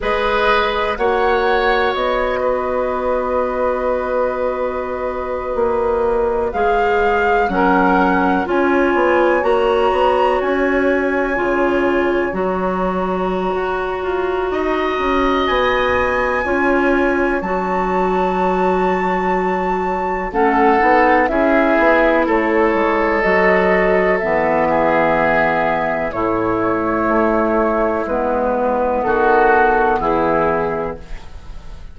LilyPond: <<
  \new Staff \with { instrumentName = "flute" } { \time 4/4 \tempo 4 = 62 dis''4 fis''4 dis''2~ | dis''2~ dis''8. f''4 fis''16~ | fis''8. gis''4 ais''4 gis''4~ gis''16~ | gis''8. ais''2.~ ais''16 |
gis''2 a''2~ | a''4 fis''4 e''4 cis''4 | dis''4 e''2 cis''4~ | cis''4 b'4 a'4 gis'4 | }
  \new Staff \with { instrumentName = "oboe" } { \time 4/4 b'4 cis''4. b'4.~ | b'2.~ b'8. ais'16~ | ais'8. cis''2.~ cis''16~ | cis''2. dis''4~ |
dis''4 cis''2.~ | cis''4 a'4 gis'4 a'4~ | a'4. gis'4. e'4~ | e'2 fis'4 e'4 | }
  \new Staff \with { instrumentName = "clarinet" } { \time 4/4 gis'4 fis'2.~ | fis'2~ fis'8. gis'4 cis'16~ | cis'8. f'4 fis'2 f'16~ | f'8. fis'2.~ fis'16~ |
fis'4 f'4 fis'2~ | fis'4 cis'8 dis'8 e'2 | fis'4 b2 a4~ | a4 b2. | }
  \new Staff \with { instrumentName = "bassoon" } { \time 4/4 gis4 ais4 b2~ | b4.~ b16 ais4 gis4 fis16~ | fis8. cis'8 b8 ais8 b8 cis'4 cis16~ | cis8. fis4~ fis16 fis'8 f'8 dis'8 cis'8 |
b4 cis'4 fis2~ | fis4 a8 b8 cis'8 b8 a8 gis8 | fis4 e2 a,4 | a4 gis4 dis4 e4 | }
>>